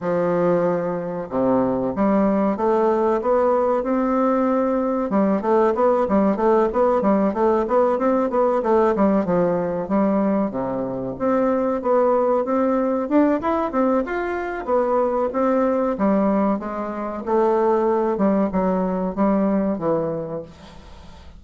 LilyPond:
\new Staff \with { instrumentName = "bassoon" } { \time 4/4 \tempo 4 = 94 f2 c4 g4 | a4 b4 c'2 | g8 a8 b8 g8 a8 b8 g8 a8 | b8 c'8 b8 a8 g8 f4 g8~ |
g8 c4 c'4 b4 c'8~ | c'8 d'8 e'8 c'8 f'4 b4 | c'4 g4 gis4 a4~ | a8 g8 fis4 g4 e4 | }